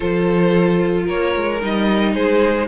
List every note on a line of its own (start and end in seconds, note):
0.00 1.08 F3
0.00 1.58 F4
0.00 1.05 A4
0.00 1.06 C5
1.05 1.35 A#3
1.05 2.12 A#4
1.05 1.62 C#5
1.35 1.62 G#3
1.60 2.15 G3
1.60 2.67 D#4
1.60 2.14 D#5
2.14 2.67 G#3
2.14 2.67 G#4
2.14 2.67 C5